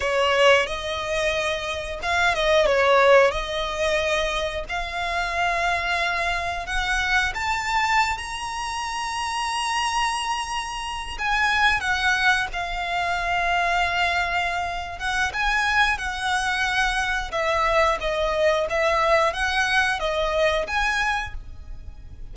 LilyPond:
\new Staff \with { instrumentName = "violin" } { \time 4/4 \tempo 4 = 90 cis''4 dis''2 f''8 dis''8 | cis''4 dis''2 f''4~ | f''2 fis''4 a''4~ | a''16 ais''2.~ ais''8.~ |
ais''8. gis''4 fis''4 f''4~ f''16~ | f''2~ f''8 fis''8 gis''4 | fis''2 e''4 dis''4 | e''4 fis''4 dis''4 gis''4 | }